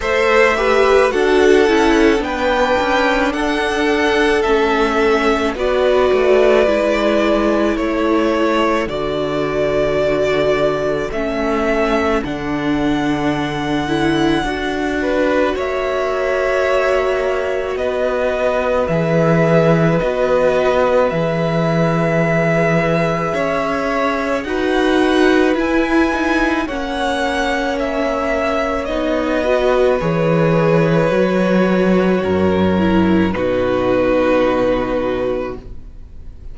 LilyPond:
<<
  \new Staff \with { instrumentName = "violin" } { \time 4/4 \tempo 4 = 54 e''4 fis''4 g''4 fis''4 | e''4 d''2 cis''4 | d''2 e''4 fis''4~ | fis''2 e''2 |
dis''4 e''4 dis''4 e''4~ | e''2 fis''4 gis''4 | fis''4 e''4 dis''4 cis''4~ | cis''2 b'2 | }
  \new Staff \with { instrumentName = "violin" } { \time 4/4 c''8 b'8 a'4 b'4 a'4~ | a'4 b'2 a'4~ | a'1~ | a'4. b'8 cis''2 |
b'1~ | b'4 cis''4 b'2 | cis''2~ cis''8 b'4.~ | b'4 ais'4 fis'2 | }
  \new Staff \with { instrumentName = "viola" } { \time 4/4 a'8 g'8 fis'8 e'8 d'2 | cis'4 fis'4 e'2 | fis'2 cis'4 d'4~ | d'8 e'8 fis'2.~ |
fis'4 gis'4 fis'4 gis'4~ | gis'2 fis'4 e'8 dis'8 | cis'2 dis'8 fis'8 gis'4 | fis'4. e'8 dis'2 | }
  \new Staff \with { instrumentName = "cello" } { \time 4/4 a4 d'8 cis'8 b8 cis'8 d'4 | a4 b8 a8 gis4 a4 | d2 a4 d4~ | d4 d'4 ais2 |
b4 e4 b4 e4~ | e4 cis'4 dis'4 e'4 | ais2 b4 e4 | fis4 fis,4 b,2 | }
>>